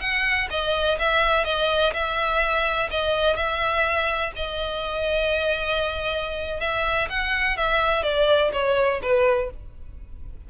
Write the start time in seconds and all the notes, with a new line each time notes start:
0.00 F#5
0.50 D#5
0.99 E5
1.44 D#5
1.93 E5
2.90 D#5
3.35 E5
4.35 D#5
6.60 E5
7.09 F#5
7.57 E5
8.03 D5
8.52 C#5
9.02 B4